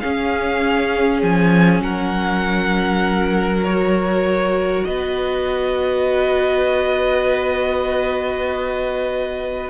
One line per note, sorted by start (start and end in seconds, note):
0.00 3.64 C#4
0.00 1.22 C#4
0.00 1.83 G#4
0.00 1.21 F5
1.22 1.80 F3
1.22 1.82 G#5
1.80 4.83 F#3
1.80 4.86 A#4
1.80 3.64 F#5
3.64 9.70 F#4
3.64 4.84 C#5
4.84 9.70 B3
4.84 9.70 B4
4.84 9.69 D#5